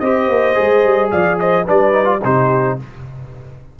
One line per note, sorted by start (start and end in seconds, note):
0.00 0.29 C4
0.00 0.55 G4
0.00 1.12 C5
0.00 1.10 D#5
0.29 0.56 A#3
0.55 0.85 G#3
0.55 1.65 G#4
0.85 1.12 G3
1.12 1.68 F3
1.12 1.40 D5
1.12 1.39 F5
1.40 1.66 C5
1.40 1.68 D#5
1.66 2.24 G3
1.66 1.93 D4
1.66 2.21 B4
1.66 2.24 D5
1.93 2.05 D#4
2.05 2.19 F4
2.24 2.79 C3
2.24 2.80 D#4
2.24 2.79 G4
2.24 2.79 C5